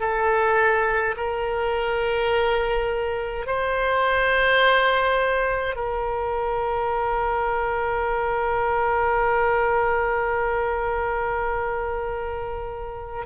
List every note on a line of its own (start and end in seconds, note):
0.00 1.15 A4
1.16 3.46 A#4
3.46 5.75 C5
5.75 13.25 A#4